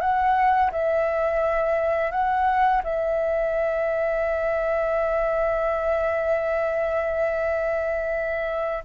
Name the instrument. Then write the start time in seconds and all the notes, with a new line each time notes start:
flute
0.00 F#5
0.72 E5
2.11 F#5
2.83 E5